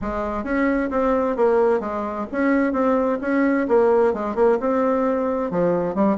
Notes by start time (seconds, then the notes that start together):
0.01 G#3
0.44 C#4
0.90 C4
1.36 A#3
1.80 G#3
2.32 C#4
2.72 C4
3.21 C#4
3.67 A#3
4.13 G#3
4.35 A#3
4.59 C4
5.50 F3
5.94 G3